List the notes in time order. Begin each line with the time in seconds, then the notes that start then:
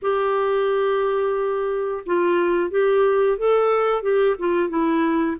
0.02 G4
2.06 F4
2.70 G4
3.38 A4
4.02 G4
4.38 F4
4.69 E4